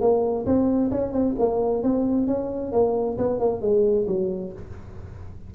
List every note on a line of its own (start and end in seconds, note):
0.00 0.45 A#3
0.45 0.90 C4
0.91 1.12 C#4
1.12 1.35 C4
1.38 1.83 A#3
1.83 2.27 C4
2.27 2.72 C#4
2.72 3.17 A#3
3.17 3.39 B3
3.39 3.61 A#3
3.61 4.06 G#3
4.07 4.52 F#3